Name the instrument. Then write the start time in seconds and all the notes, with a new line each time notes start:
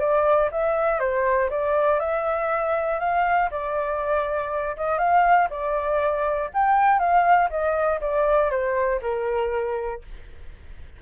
flute
0.00 D5
0.52 E5
1.00 C5
1.50 D5
2.00 E5
3.00 F5
3.51 D5
4.77 D#5
4.99 F5
5.50 D5
6.54 G5
6.99 F5
7.50 D#5
8.01 D5
8.51 C5
9.02 A#4